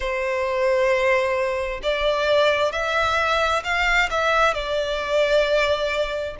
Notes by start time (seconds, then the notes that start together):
0.00 C5
1.83 D5
2.72 E5
3.64 F5
4.10 E5
4.54 D5